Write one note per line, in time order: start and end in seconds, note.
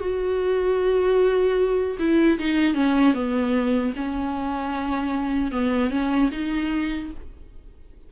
0.00 1.97 F#4
1.99 2.38 E4
2.39 2.74 D#4
2.74 3.14 C#4
3.14 3.93 B3
3.96 5.52 C#4
5.52 5.90 B3
5.90 6.30 C#4
6.32 7.11 D#4